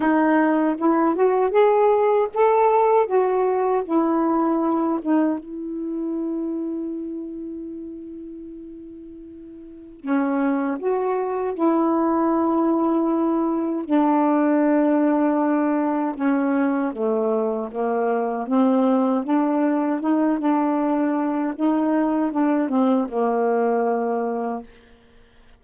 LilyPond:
\new Staff \with { instrumentName = "saxophone" } { \time 4/4 \tempo 4 = 78 dis'4 e'8 fis'8 gis'4 a'4 | fis'4 e'4. dis'8 e'4~ | e'1~ | e'4 cis'4 fis'4 e'4~ |
e'2 d'2~ | d'4 cis'4 a4 ais4 | c'4 d'4 dis'8 d'4. | dis'4 d'8 c'8 ais2 | }